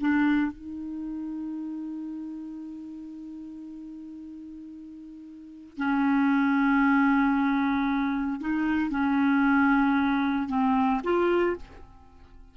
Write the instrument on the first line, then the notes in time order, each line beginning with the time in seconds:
clarinet
0.00 D4
0.51 D#4
5.77 C#4
8.40 D#4
8.90 C#4
10.48 C4
11.04 F4